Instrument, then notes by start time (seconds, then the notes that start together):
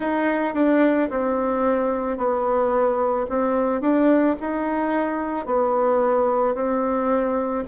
bassoon
0.00 D#4
0.54 D4
1.10 C4
2.17 B3
3.29 C4
3.81 D4
4.40 D#4
5.45 B3
6.55 C4